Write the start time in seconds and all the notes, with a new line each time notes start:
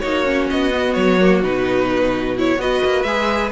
0.00 A#3 D#4 F#4 C#5
0.24 C#4
0.50 B3 D#5
0.75 B3
0.94 F#3 C#5
1.20 A#3
1.42 B2 D#4 B4
2.37 E4 C#5
2.58 B3 F#4 B4 D#5
2.85 A#3
3.03 G#3 G#4 E5